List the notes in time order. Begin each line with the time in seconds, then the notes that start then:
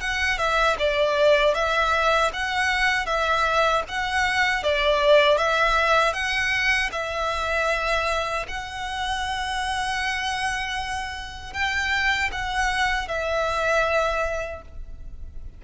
0.00 F#5
0.37 E5
0.78 D5
1.54 E5
2.33 F#5
3.06 E5
3.88 F#5
4.63 D5
5.37 E5
6.13 F#5
6.92 E5
8.48 F#5
11.53 G5
12.31 F#5
13.08 E5